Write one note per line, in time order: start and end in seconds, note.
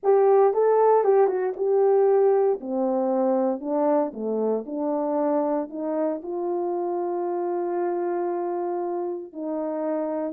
0.03 0.53 G4
0.53 1.03 A4
1.03 1.27 G4
1.27 1.53 F#4
1.56 2.59 G4
2.60 3.60 C4
3.60 4.11 D4
4.13 4.64 A3
4.66 5.69 D4
5.69 6.21 D#4
6.23 9.32 F4
9.32 10.33 D#4